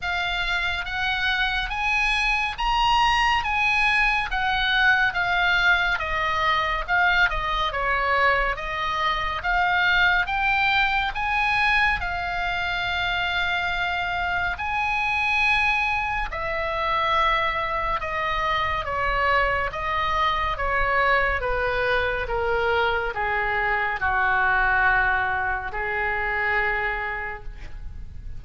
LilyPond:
\new Staff \with { instrumentName = "oboe" } { \time 4/4 \tempo 4 = 70 f''4 fis''4 gis''4 ais''4 | gis''4 fis''4 f''4 dis''4 | f''8 dis''8 cis''4 dis''4 f''4 | g''4 gis''4 f''2~ |
f''4 gis''2 e''4~ | e''4 dis''4 cis''4 dis''4 | cis''4 b'4 ais'4 gis'4 | fis'2 gis'2 | }